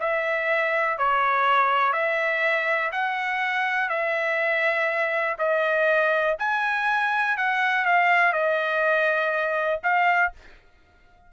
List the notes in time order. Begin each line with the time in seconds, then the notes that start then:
0.00 E5
0.98 C#5
1.93 E5
2.92 F#5
3.89 E5
5.39 D#5
6.39 G#5
7.37 F#5
7.85 F5
8.33 D#5
9.83 F5